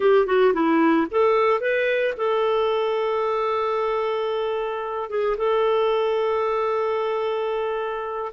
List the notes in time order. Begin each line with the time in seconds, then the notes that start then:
0.00 G4
0.26 F#4
0.53 E4
1.10 A4
1.60 B4
2.17 A4
5.09 G#4
5.37 A4